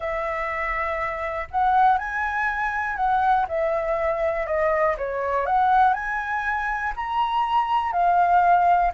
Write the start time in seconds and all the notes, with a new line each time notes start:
0.00 E5
1.50 F#5
1.97 G#5
2.96 F#5
3.48 E5
4.46 D#5
4.97 C#5
5.45 F#5
5.93 G#5
6.96 A#5
7.92 F5